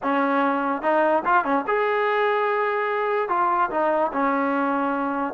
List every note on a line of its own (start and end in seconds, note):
0.02 0.81 C#4
0.81 1.23 D#4
1.25 1.44 F4
1.44 1.64 C#4
1.67 3.29 G#4
3.29 3.70 F4
3.70 4.11 D#4
4.13 5.33 C#4